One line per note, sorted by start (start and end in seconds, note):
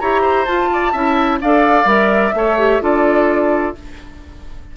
0.00 0.48 E4
0.00 0.47 G4
0.00 0.22 C#5
0.00 0.46 A#5
0.22 0.69 C5
0.46 0.94 F4
0.46 1.39 A5
0.73 0.93 D5
0.93 1.41 C#4
0.93 1.41 E4
0.93 1.39 E5
1.41 1.85 D4
1.41 1.86 A4
1.41 2.35 D5
1.41 1.89 F5
1.85 2.32 G3
1.85 2.32 A#4
1.85 2.82 E5
2.34 2.81 A3
2.34 2.58 A4
2.34 2.83 C#5
2.58 2.82 G4
2.82 3.75 D4
2.82 3.75 F4
2.82 3.77 A4
2.82 3.76 D5